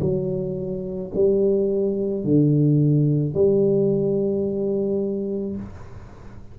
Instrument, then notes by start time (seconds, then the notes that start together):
tuba
0.00 F#3
1.14 G3
2.24 D3
3.34 G3